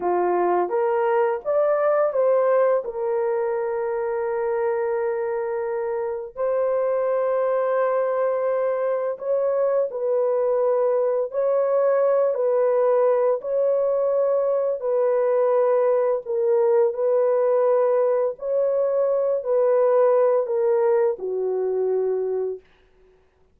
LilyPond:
\new Staff \with { instrumentName = "horn" } { \time 4/4 \tempo 4 = 85 f'4 ais'4 d''4 c''4 | ais'1~ | ais'4 c''2.~ | c''4 cis''4 b'2 |
cis''4. b'4. cis''4~ | cis''4 b'2 ais'4 | b'2 cis''4. b'8~ | b'4 ais'4 fis'2 | }